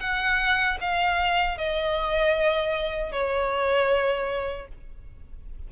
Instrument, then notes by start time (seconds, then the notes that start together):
violin
0.00 F#5
0.81 F5
1.58 D#5
3.12 C#5